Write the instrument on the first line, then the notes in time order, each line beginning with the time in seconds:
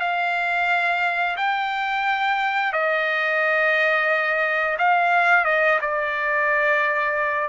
trumpet
0.00 F5
1.37 G5
2.72 D#5
4.78 F5
5.45 D#5
5.81 D5